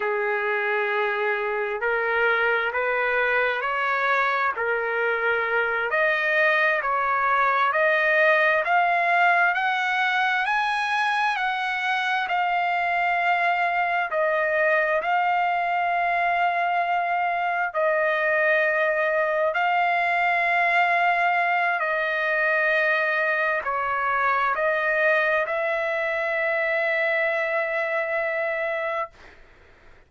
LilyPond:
\new Staff \with { instrumentName = "trumpet" } { \time 4/4 \tempo 4 = 66 gis'2 ais'4 b'4 | cis''4 ais'4. dis''4 cis''8~ | cis''8 dis''4 f''4 fis''4 gis''8~ | gis''8 fis''4 f''2 dis''8~ |
dis''8 f''2. dis''8~ | dis''4. f''2~ f''8 | dis''2 cis''4 dis''4 | e''1 | }